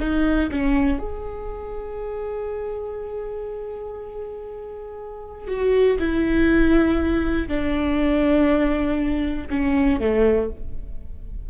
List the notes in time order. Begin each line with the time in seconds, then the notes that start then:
0.00 D#4
0.51 C#4
0.99 G#4
5.48 F#4
5.99 E4
7.48 D4
9.50 C#4
10.00 A3